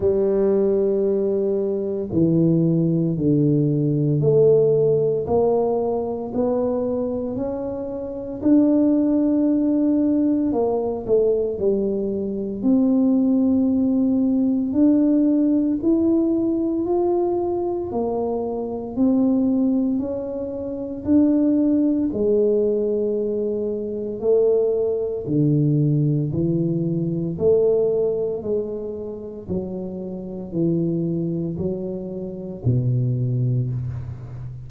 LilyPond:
\new Staff \with { instrumentName = "tuba" } { \time 4/4 \tempo 4 = 57 g2 e4 d4 | a4 ais4 b4 cis'4 | d'2 ais8 a8 g4 | c'2 d'4 e'4 |
f'4 ais4 c'4 cis'4 | d'4 gis2 a4 | d4 e4 a4 gis4 | fis4 e4 fis4 b,4 | }